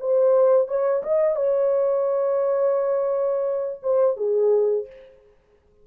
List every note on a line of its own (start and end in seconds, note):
0.00 0.68 C5
0.68 1.03 C#5
1.03 1.36 D#5
1.36 3.80 C#5
3.83 4.17 C5
4.17 4.87 G#4